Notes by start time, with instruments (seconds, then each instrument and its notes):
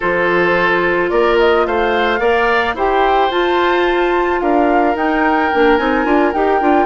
0.00 bassoon F3, clarinet F4, oboe A4, flute C5
1.09 bassoon A#3, oboe A#4, flute D5
1.39 flute D#5
1.66 bassoon A3, oboe C5, flute F5
2.19 bassoon A#3, clarinet A#4, oboe D5
2.74 bassoon E4, clarinet G4, oboe C5, flute G5
3.30 bassoon F4, clarinet F4, flute A5
4.40 bassoon D4, oboe A#4, flute F5
4.95 bassoon D#4, clarinet D#4, flute G5
5.53 bassoon A#3, clarinet D4
5.77 bassoon C4, clarinet D#4, flute G#5
6.05 bassoon D4, clarinet F4
6.33 bassoon D#4, clarinet G4, flute G5
6.60 bassoon D4, clarinet F4